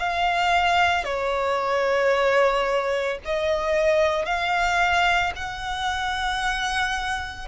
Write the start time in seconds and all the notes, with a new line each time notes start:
0.00 F5
1.04 C#5
3.25 D#5
4.26 F5
5.36 F#5